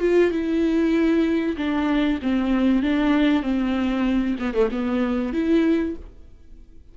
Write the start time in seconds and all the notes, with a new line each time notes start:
0.00 F4
0.31 E4
1.57 D4
2.22 C4
2.83 D4
3.43 C4
4.39 B3
4.54 A3
4.71 B3
5.33 E4